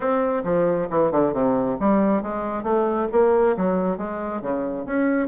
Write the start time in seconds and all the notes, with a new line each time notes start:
0.00 C4
0.44 F3
0.89 E3
1.11 D3
1.33 C3
1.79 G3
2.22 G#3
2.63 A3
3.12 A#3
3.56 F#3
3.97 G#3
4.41 C#3
4.85 C#4